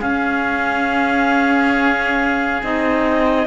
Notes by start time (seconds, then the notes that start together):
0.00 C#4 G#4 F5
2.63 C4 D#4 D#5